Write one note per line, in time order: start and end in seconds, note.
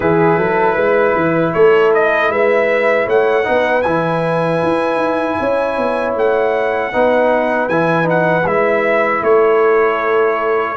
0.00 0.37 E3
0.00 3.44 E4
0.00 0.38 G#4
0.00 1.53 B4
0.37 0.76 F#3
0.37 0.75 A4
0.75 1.15 G#3
0.75 1.52 B4
1.15 1.53 E3
1.53 2.29 A3
1.53 2.31 A4
1.53 1.92 C#5
1.94 2.31 D#5
2.29 3.06 G#3
2.29 3.06 B4
2.29 3.08 E5
3.06 3.46 A3
3.06 3.44 C#5
3.06 3.82 F#5
3.44 3.85 B3
3.44 3.82 D#4
3.44 5.39 B4
3.82 4.62 E3
3.82 6.92 E4
3.82 6.12 G#5
4.62 4.96 E4
4.96 5.34 D#4
5.39 5.77 C#4
5.39 6.92 C#5
5.77 6.15 B3
6.15 6.92 A3
6.15 7.68 F#5
6.92 7.68 B3
6.92 7.69 D#4
6.92 9.23 B4
7.68 8.44 E3
7.68 8.03 E4
7.68 8.07 G#5
8.03 8.42 D#4
8.09 8.46 F#5
8.44 9.21 G#3
8.44 10.77 E4
8.44 9.23 E5
9.22 10.76 A3
9.22 10.77 A4
9.22 10.77 C#5